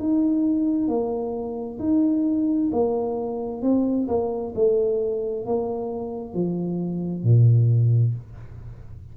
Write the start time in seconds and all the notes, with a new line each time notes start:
0.00 D#4
0.88 A#3
1.80 D#4
2.72 A#3
3.62 C4
4.08 A#3
4.55 A3
5.46 A#3
6.34 F3
7.24 A#2